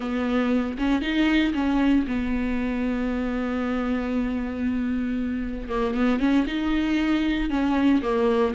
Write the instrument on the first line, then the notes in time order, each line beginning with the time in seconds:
viola
0.00 B3
0.78 C#4
1.01 D#4
1.54 C#4
2.07 B3
5.68 A#3
5.94 B3
6.19 C#4
6.47 D#4
7.50 C#4
8.02 A#3